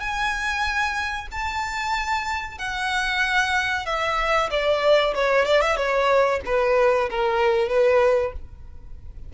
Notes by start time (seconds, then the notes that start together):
0.00 G#5
1.31 A5
2.58 F#5
3.86 E5
4.50 D5
5.14 C#5
5.45 D5
5.61 E5
5.76 C#5
6.45 B4
7.09 A#4
7.69 B4